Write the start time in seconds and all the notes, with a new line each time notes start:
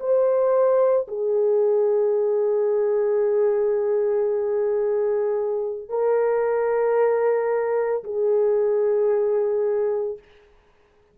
0.00 C5
1.08 G#4
5.89 A#4
8.04 G#4